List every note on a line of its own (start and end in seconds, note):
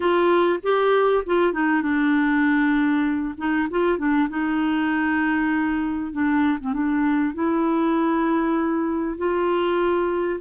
0.00 0.59 F4
0.62 1.24 G4
1.26 1.53 F4
1.53 1.81 D#4
1.81 3.35 D4
3.37 3.68 D#4
3.70 3.97 F4
3.97 4.28 D4
4.29 6.12 D#4
6.12 6.58 D4
6.60 6.73 C4
6.73 7.34 D4
7.34 9.17 E4
9.17 10.40 F4